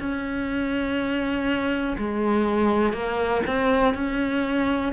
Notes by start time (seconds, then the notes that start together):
0.00 C#4
1.98 G#3
2.93 A#3
3.47 C4
3.95 C#4